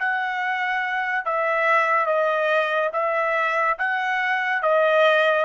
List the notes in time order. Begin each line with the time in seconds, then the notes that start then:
0.00 F#5
1.26 E5
2.06 D#5
2.93 E5
3.79 F#5
4.62 D#5